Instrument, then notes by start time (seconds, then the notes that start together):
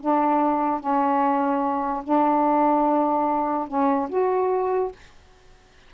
saxophone
0.00 D4
0.80 C#4
2.03 D4
3.67 C#4
4.09 F#4